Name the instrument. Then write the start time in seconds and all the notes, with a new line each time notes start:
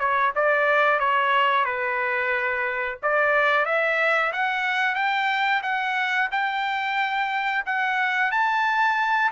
trumpet
0.00 C#5
0.36 D5
1.00 C#5
1.65 B4
3.03 D5
3.66 E5
4.33 F#5
4.95 G5
5.63 F#5
6.32 G5
7.66 F#5
8.32 A5